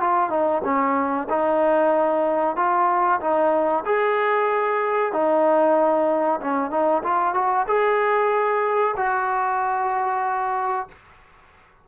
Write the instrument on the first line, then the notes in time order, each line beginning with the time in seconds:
trombone
0.00 F4
0.30 D#4
0.64 C#4
1.29 D#4
2.56 F4
3.20 D#4
3.85 G#4
5.12 D#4
6.41 C#4
6.71 D#4
7.03 F4
7.34 F#4
7.67 G#4
8.97 F#4